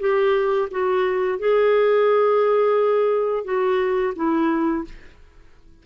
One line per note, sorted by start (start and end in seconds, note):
0.00 0.69 G4
0.71 1.39 F#4
1.39 3.45 G#4
3.45 4.13 F#4
4.16 4.85 E4